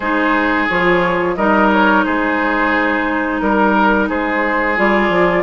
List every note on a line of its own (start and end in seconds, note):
0.00 0.68 G#3
0.00 0.69 D#4
0.00 1.35 G#4
0.00 0.67 C5
0.69 1.36 F3
0.69 1.37 F4
0.69 1.35 C#5
1.35 2.04 G3
1.35 4.76 D#4
1.35 2.05 A#4
1.35 1.69 D#5
1.72 2.04 C#5
2.04 3.41 G#3
2.04 3.41 G#4
2.04 3.40 C5
3.40 4.09 G3
3.40 4.08 A#4
3.40 4.09 A#4
4.09 4.78 G#3
4.09 5.43 G#4
4.09 4.78 C5
4.76 5.09 G3
4.76 5.43 F4
4.76 5.43 D5
5.09 5.43 F3